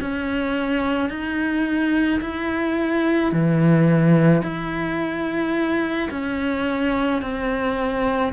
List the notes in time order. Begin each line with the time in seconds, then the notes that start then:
0.00 C#4
1.09 D#4
2.21 E4
3.32 E3
4.42 E4
6.10 C#4
7.21 C4